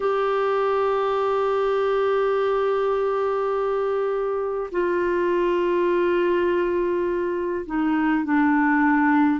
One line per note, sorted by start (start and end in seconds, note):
0.00 4.70 G4
4.71 7.65 F4
7.65 8.24 D#4
8.24 9.40 D4